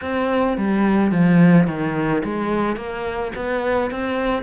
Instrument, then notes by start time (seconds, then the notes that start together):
cello
0.01 C4
0.57 G3
1.11 F3
1.67 D#3
2.24 G#3
2.76 A#3
3.35 B3
3.90 C4